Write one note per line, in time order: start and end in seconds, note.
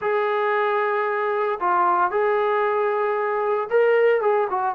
0.01 1.59 G#4
1.60 2.11 F4
2.11 3.68 G#4
3.70 4.21 A#4
4.21 4.47 G#4
4.50 4.75 F#4